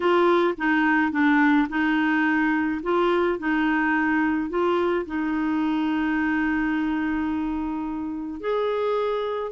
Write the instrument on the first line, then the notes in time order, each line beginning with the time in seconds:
clarinet
0.00 F4
0.57 D#4
1.11 D4
1.69 D#4
2.83 F4
3.38 D#4
4.49 F4
5.06 D#4
8.40 G#4